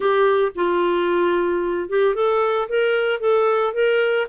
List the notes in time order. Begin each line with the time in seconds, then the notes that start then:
0.00 G4
0.55 F4
1.89 G4
2.14 A4
2.68 A#4
3.20 A4
3.73 A#4